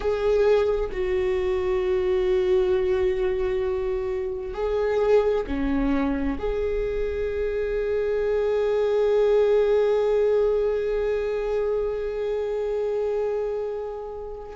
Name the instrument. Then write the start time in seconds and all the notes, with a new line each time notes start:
viola
0.00 G#4
0.92 F#4
4.54 G#4
5.47 C#4
6.38 G#4